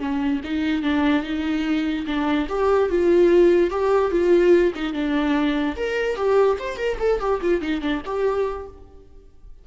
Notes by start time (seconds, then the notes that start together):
0.00 C#4
0.44 D#4
0.83 D4
1.24 D#4
2.07 D4
2.49 G4
2.90 F4
3.71 G4
4.12 F4
4.75 D#4
4.93 D4
5.76 A#4
6.16 G4
6.60 C5
6.77 A#4
7.00 A4
7.20 G4
7.42 F4
7.61 D#4
7.81 D4
8.06 G4